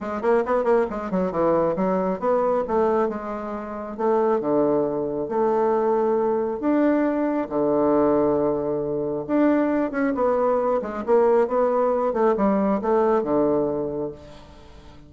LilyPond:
\new Staff \with { instrumentName = "bassoon" } { \time 4/4 \tempo 4 = 136 gis8 ais8 b8 ais8 gis8 fis8 e4 | fis4 b4 a4 gis4~ | gis4 a4 d2 | a2. d'4~ |
d'4 d2.~ | d4 d'4. cis'8 b4~ | b8 gis8 ais4 b4. a8 | g4 a4 d2 | }